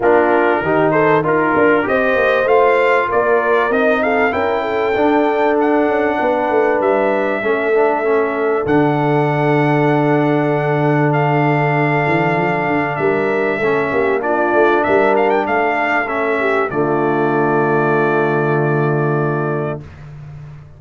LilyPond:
<<
  \new Staff \with { instrumentName = "trumpet" } { \time 4/4 \tempo 4 = 97 ais'4. c''8 ais'4 dis''4 | f''4 d''4 dis''8 f''8 g''4~ | g''4 fis''2 e''4~ | e''2 fis''2~ |
fis''2 f''2~ | f''4 e''2 d''4 | e''8 f''16 g''16 f''4 e''4 d''4~ | d''1 | }
  \new Staff \with { instrumentName = "horn" } { \time 4/4 f'4 g'8 a'8 ais'4 c''4~ | c''4 ais'4. a'8 ais'8 a'8~ | a'2 b'2 | a'1~ |
a'1~ | a'4 ais'4 a'8 g'8 f'4 | ais'4 a'4. g'8 f'4~ | f'1 | }
  \new Staff \with { instrumentName = "trombone" } { \time 4/4 d'4 dis'4 f'4 g'4 | f'2 dis'4 e'4 | d'1 | cis'8 d'8 cis'4 d'2~ |
d'1~ | d'2 cis'4 d'4~ | d'2 cis'4 a4~ | a1 | }
  \new Staff \with { instrumentName = "tuba" } { \time 4/4 ais4 dis4 dis'8 d'8 c'8 ais8 | a4 ais4 c'4 cis'4 | d'4. cis'8 b8 a8 g4 | a2 d2~ |
d2.~ d8 e8 | f8 d8 g4 a8 ais4 a8 | g4 a2 d4~ | d1 | }
>>